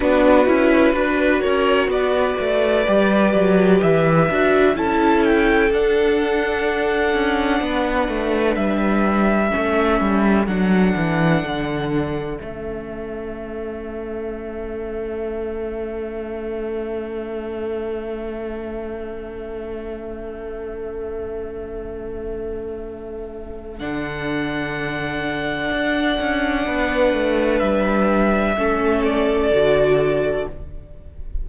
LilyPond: <<
  \new Staff \with { instrumentName = "violin" } { \time 4/4 \tempo 4 = 63 b'4. cis''8 d''2 | e''4 a''8 g''8 fis''2~ | fis''4 e''2 fis''4~ | fis''4 e''2.~ |
e''1~ | e''1~ | e''4 fis''2.~ | fis''4 e''4. d''4. | }
  \new Staff \with { instrumentName = "violin" } { \time 4/4 fis'4 b'8 ais'8 b'2~ | b'4 a'2. | b'2 a'2~ | a'1~ |
a'1~ | a'1~ | a'1 | b'2 a'2 | }
  \new Staff \with { instrumentName = "viola" } { \time 4/4 d'8 e'8 fis'2 g'4~ | g'8 fis'8 e'4 d'2~ | d'2 cis'4 d'4~ | d'4 cis'2.~ |
cis'1~ | cis'1~ | cis'4 d'2.~ | d'2 cis'4 fis'4 | }
  \new Staff \with { instrumentName = "cello" } { \time 4/4 b8 cis'8 d'8 cis'8 b8 a8 g8 fis8 | e8 d'8 cis'4 d'4. cis'8 | b8 a8 g4 a8 g8 fis8 e8 | d4 a2.~ |
a1~ | a1~ | a4 d2 d'8 cis'8 | b8 a8 g4 a4 d4 | }
>>